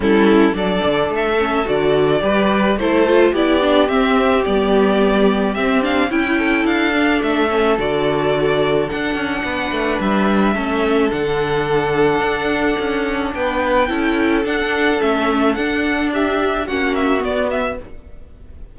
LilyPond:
<<
  \new Staff \with { instrumentName = "violin" } { \time 4/4 \tempo 4 = 108 a'4 d''4 e''4 d''4~ | d''4 c''4 d''4 e''4 | d''2 e''8 f''8 g''4 | f''4 e''4 d''2 |
fis''2 e''2 | fis''1 | g''2 fis''4 e''4 | fis''4 e''4 fis''8 e''8 d''8 e''8 | }
  \new Staff \with { instrumentName = "violin" } { \time 4/4 e'4 a'2. | b'4 a'4 g'2~ | g'2. e'8 a'8~ | a'1~ |
a'4 b'2 a'4~ | a'1 | b'4 a'2.~ | a'4 g'4 fis'2 | }
  \new Staff \with { instrumentName = "viola" } { \time 4/4 cis'4 d'4. cis'8 fis'4 | g'4 e'8 f'8 e'8 d'8 c'4 | b2 c'8 d'8 e'4~ | e'8 d'4 cis'8 fis'2 |
d'2. cis'4 | d'1~ | d'4 e'4 d'4 cis'4 | d'2 cis'4 b4 | }
  \new Staff \with { instrumentName = "cello" } { \time 4/4 g4 fis8 d8 a4 d4 | g4 a4 b4 c'4 | g2 c'4 cis'4 | d'4 a4 d2 |
d'8 cis'8 b8 a8 g4 a4 | d2 d'4 cis'4 | b4 cis'4 d'4 a4 | d'2 ais4 b4 | }
>>